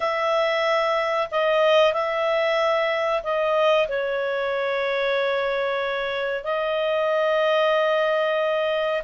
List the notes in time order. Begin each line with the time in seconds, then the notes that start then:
0.00 E5
1.31 D#5
1.93 E5
3.23 D#5
3.88 C#5
6.43 D#5